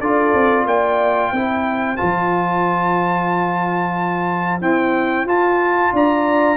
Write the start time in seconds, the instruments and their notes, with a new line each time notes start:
0.00 tuba D4, trombone F4, horn A4, trumpet D5
0.34 tuba C4
0.65 tuba A#3, horn D5, trumpet G5
1.32 tuba C4, trombone E4, horn C5
1.96 tuba F3, trombone F4, trumpet A5
4.61 trombone C4, tuba E4, trumpet G5
5.25 tuba F4, trombone F4, trumpet A5
5.92 tuba D4, horn D5, trumpet A#5